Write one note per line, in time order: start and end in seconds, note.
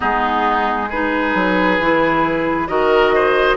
0.00 1.35 G#3
0.00 0.88 B3
0.00 0.89 D#4
0.00 0.90 G#4
0.89 1.80 D#4
0.89 2.68 G#4
0.89 2.67 B4
1.35 1.79 F#3
1.79 2.68 E3
1.79 2.67 E4
2.67 3.57 D#3
2.67 3.57 F#4
2.67 3.14 A#4
2.67 3.57 D#5
3.15 3.57 C5